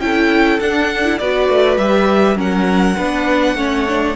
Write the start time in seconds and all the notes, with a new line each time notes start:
0.00 C#4 E4 A4 G5
0.60 D4 F#5
1.04 E4
1.19 B3 F#4 B4 D5
1.49 A3
1.77 G3 G4 E5
2.36 F#3 C#4 A#4 F#5
2.97 B3 D4 B4
3.55 A3 C#4 C#5
3.88 D4